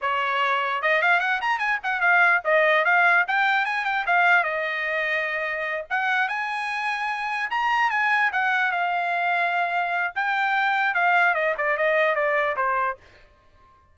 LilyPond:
\new Staff \with { instrumentName = "trumpet" } { \time 4/4 \tempo 4 = 148 cis''2 dis''8 f''8 fis''8 ais''8 | gis''8 fis''8 f''4 dis''4 f''4 | g''4 gis''8 g''8 f''4 dis''4~ | dis''2~ dis''8 fis''4 gis''8~ |
gis''2~ gis''8 ais''4 gis''8~ | gis''8 fis''4 f''2~ f''8~ | f''4 g''2 f''4 | dis''8 d''8 dis''4 d''4 c''4 | }